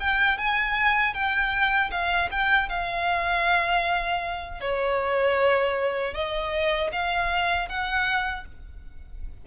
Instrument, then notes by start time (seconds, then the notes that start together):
violin
0.00 G5
0.38 G#5
1.14 G5
1.91 F5
2.31 G5
2.69 F5
4.61 C#5
6.14 D#5
6.93 F5
7.69 F#5